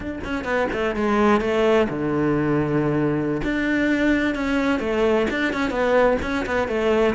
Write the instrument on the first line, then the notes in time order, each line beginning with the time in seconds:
cello
0.00 D4
0.23 C#4
0.44 B3
0.72 A3
0.95 G#3
1.40 A3
1.89 D3
3.44 D4
4.34 C#4
4.79 A3
5.30 D4
5.53 C#4
5.70 B3
6.22 C#4
6.46 B3
6.68 A3